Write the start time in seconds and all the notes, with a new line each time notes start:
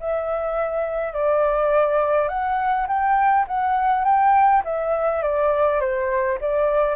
0.00 E5
1.13 D5
2.28 F#5
2.88 G5
3.48 F#5
4.05 G5
4.64 E5
5.22 D5
5.80 C5
6.41 D5